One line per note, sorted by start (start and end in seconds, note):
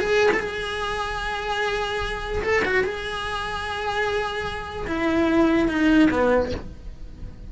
0.00 0.30 G#4
0.34 0.40 A4
0.40 2.43 G#4
2.43 2.63 A4
2.65 2.84 F#4
2.84 4.87 G#4
4.88 5.69 E4
5.69 6.09 D#4
6.11 6.52 B3